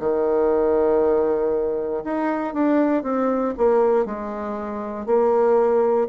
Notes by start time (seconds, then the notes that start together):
0.00 D#3
2.04 D#4
2.54 D4
3.03 C4
3.57 A#3
4.05 G#3
5.06 A#3